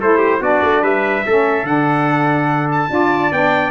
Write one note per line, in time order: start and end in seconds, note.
0.00 0.40 A3
0.00 0.41 E4
0.00 0.17 A4
0.00 0.43 C5
0.17 0.38 G4
0.40 0.61 B3
0.40 1.24 D4
0.40 0.82 F#4
0.40 0.84 D5
0.62 0.82 A3
0.82 1.23 G3
0.82 1.23 B4
0.82 1.66 E5
1.26 1.63 A3
1.26 1.66 C#4
1.26 2.91 A4
1.63 2.87 D3
1.63 2.89 D4
1.63 2.69 F#5
2.71 3.33 A5
2.89 3.31 D4
2.89 3.30 F4
2.89 3.70 D5
3.31 3.70 B3
3.31 3.70 D4
3.31 3.70 G5